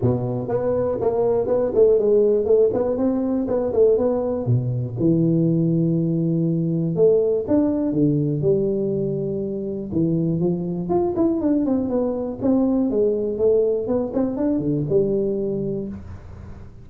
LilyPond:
\new Staff \with { instrumentName = "tuba" } { \time 4/4 \tempo 4 = 121 b,4 b4 ais4 b8 a8 | gis4 a8 b8 c'4 b8 a8 | b4 b,4 e2~ | e2 a4 d'4 |
d4 g2. | e4 f4 f'8 e'8 d'8 c'8 | b4 c'4 gis4 a4 | b8 c'8 d'8 d8 g2 | }